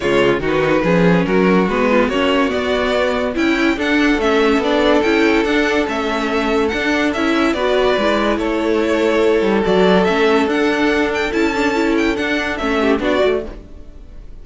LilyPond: <<
  \new Staff \with { instrumentName = "violin" } { \time 4/4 \tempo 4 = 143 cis''4 b'2 ais'4 | b'4 cis''4 d''2 | g''4 fis''4 e''4 d''4 | g''4 fis''4 e''2 |
fis''4 e''4 d''2 | cis''2. d''4 | e''4 fis''4. g''8 a''4~ | a''8 g''8 fis''4 e''4 d''4 | }
  \new Staff \with { instrumentName = "violin" } { \time 4/4 f'4 fis'4 gis'4 fis'4~ | fis'8 f'8 fis'2. | e'4 a'2.~ | a'1~ |
a'2 b'2 | a'1~ | a'1~ | a'2~ a'8 g'8 fis'4 | }
  \new Staff \with { instrumentName = "viola" } { \time 4/4 gis4 dis'4 cis'2 | b4 cis'4 b2 | e'4 d'4 cis'4 d'4 | e'4 d'4 cis'2 |
d'4 e'4 fis'4 e'4~ | e'2. fis'4 | cis'4 d'2 e'8 d'8 | e'4 d'4 cis'4 d'8 fis'8 | }
  \new Staff \with { instrumentName = "cello" } { \time 4/4 cis4 dis4 f4 fis4 | gis4 ais4 b2 | cis'4 d'4 a4 b4 | cis'4 d'4 a2 |
d'4 cis'4 b4 gis4 | a2~ a8 g8 fis4 | a4 d'2 cis'4~ | cis'4 d'4 a4 b8 a8 | }
>>